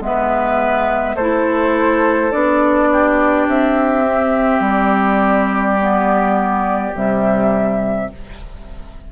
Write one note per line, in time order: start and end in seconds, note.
0.00 1.15 G#3
0.00 1.16 B3
0.00 1.16 E5
0.06 1.16 B4
1.16 2.31 A3
1.16 2.31 E4
1.16 2.89 A4
1.16 2.31 C5
2.31 3.47 B3
2.31 4.04 D4
2.31 3.47 D5
2.92 8.12 G4
3.47 4.60 C4
3.47 4.64 E5
4.05 5.78 C4
4.60 6.90 G3
4.60 6.96 D5
5.80 6.93 B3
6.93 8.10 C3
6.93 8.08 G3
6.93 8.11 E5